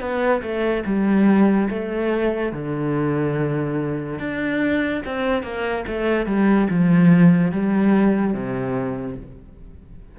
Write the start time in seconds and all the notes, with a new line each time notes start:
0.00 B3
0.42 A3
0.86 G3
1.69 A3
2.52 D3
4.19 D4
5.05 C4
5.42 A#3
5.87 A3
6.26 G3
6.70 F3
7.52 G3
8.33 C3